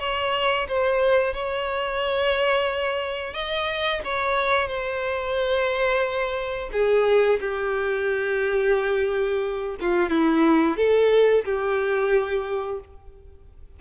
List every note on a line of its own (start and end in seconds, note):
0.00 0.67 C#5
0.68 1.34 C5
1.34 3.34 C#5
3.34 4.01 D#5
4.05 4.68 C#5
4.68 6.70 C5
6.73 7.40 G#4
7.41 9.77 G4
9.81 10.10 F4
10.10 10.77 E4
10.77 11.45 A4
11.45 12.80 G4